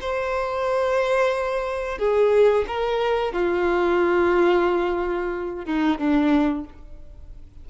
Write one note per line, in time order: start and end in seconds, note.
0.00 1.98 C5
1.98 2.65 G#4
2.67 3.32 A#4
3.32 5.65 F4
5.65 5.98 D#4
5.98 6.65 D4